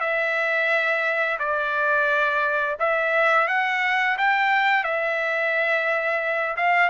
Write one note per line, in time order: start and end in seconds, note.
0.00 1.38 E5
1.39 2.76 D5
2.79 3.48 E5
3.48 4.17 F#5
4.18 4.84 G5
4.84 6.56 E5
6.56 6.89 F5